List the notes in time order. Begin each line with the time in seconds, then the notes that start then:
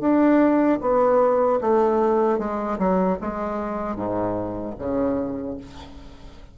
0.00 D4
0.81 B3
1.61 A3
2.39 G#3
2.78 F#3
3.21 G#3
3.95 G#2
4.78 C#3